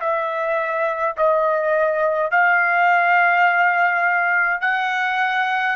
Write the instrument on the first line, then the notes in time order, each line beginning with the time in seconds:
trumpet
0.00 E5
1.17 D#5
2.31 F5
4.61 F#5